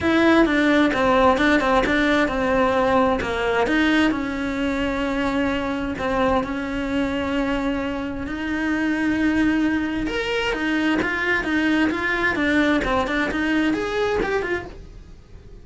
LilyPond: \new Staff \with { instrumentName = "cello" } { \time 4/4 \tempo 4 = 131 e'4 d'4 c'4 d'8 c'8 | d'4 c'2 ais4 | dis'4 cis'2.~ | cis'4 c'4 cis'2~ |
cis'2 dis'2~ | dis'2 ais'4 dis'4 | f'4 dis'4 f'4 d'4 | c'8 d'8 dis'4 gis'4 g'8 f'8 | }